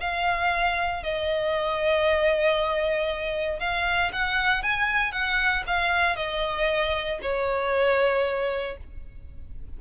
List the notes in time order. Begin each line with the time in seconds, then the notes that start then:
0.00 F5
1.03 D#5
3.59 F5
4.12 F#5
4.62 G#5
5.12 F#5
5.66 F5
6.16 D#5
7.22 C#5